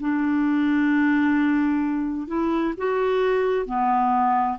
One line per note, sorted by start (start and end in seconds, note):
0.00 2.27 D4
2.27 2.74 E4
2.77 3.65 F#4
3.65 4.58 B3